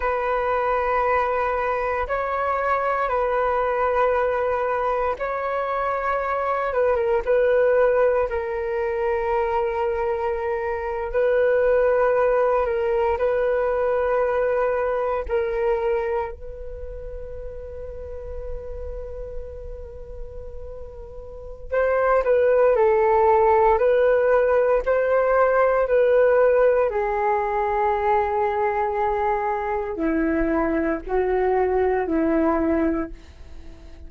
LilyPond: \new Staff \with { instrumentName = "flute" } { \time 4/4 \tempo 4 = 58 b'2 cis''4 b'4~ | b'4 cis''4. b'16 ais'16 b'4 | ais'2~ ais'8. b'4~ b'16~ | b'16 ais'8 b'2 ais'4 b'16~ |
b'1~ | b'4 c''8 b'8 a'4 b'4 | c''4 b'4 gis'2~ | gis'4 e'4 fis'4 e'4 | }